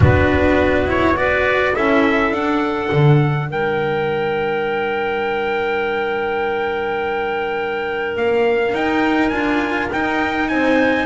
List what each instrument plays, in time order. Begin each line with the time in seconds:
0.00 double bass B3, cello D4, clarinet F#4, trumpet B4
0.86 cello E4, trumpet C#5
1.16 cello F#4, clarinet B4, trumpet D5
1.73 double bass C#4, cello E4, clarinet A4, trumpet E5
2.30 double bass D4, cello D4, trumpet F#5
2.92 double bass D3
3.50 double bass G3, clarinet A#4, trumpet G5
8.16 double bass A#3, trumpet F5
8.73 double bass D#4, cello D#4, trumpet G5
9.28 double bass D4, cello F4, trumpet G#5
9.92 cello D#4, double bass D#4, trumpet G5
10.48 double bass C4, clarinet C5, trumpet G#5